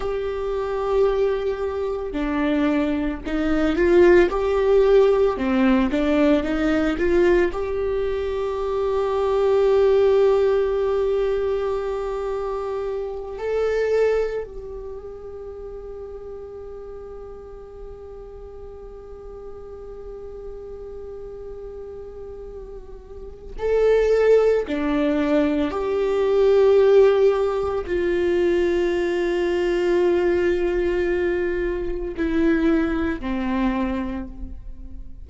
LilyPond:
\new Staff \with { instrumentName = "viola" } { \time 4/4 \tempo 4 = 56 g'2 d'4 dis'8 f'8 | g'4 c'8 d'8 dis'8 f'8 g'4~ | g'1~ | g'8 a'4 g'2~ g'8~ |
g'1~ | g'2 a'4 d'4 | g'2 f'2~ | f'2 e'4 c'4 | }